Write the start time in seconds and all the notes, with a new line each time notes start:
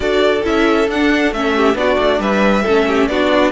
0.00 D4 F#4 A4 D5
0.43 C#4 E4 E5
0.88 D4 F#5
1.32 A3 C#4 E5
1.55 G4
1.74 B3 D4 F#4 D5
1.98 A3
2.19 G3 B4 E5
2.63 A3 C#4 A4
2.87 G4
3.07 B3 D4 F#4 D5